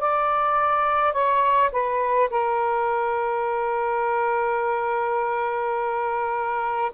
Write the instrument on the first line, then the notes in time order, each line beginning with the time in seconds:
saxophone
0.00 D5
1.13 C#5
1.72 B4
2.30 A#4